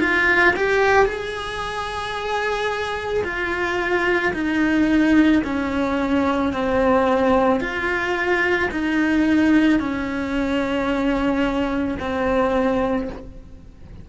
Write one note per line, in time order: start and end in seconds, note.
0.00 0.55 F4
0.56 1.05 G4
1.05 3.23 G#4
3.24 4.33 F4
4.33 5.42 D#4
5.43 6.53 C#4
6.53 7.60 C4
7.60 8.69 F4
8.71 9.79 D#4
9.79 11.98 C#4
12.00 13.09 C4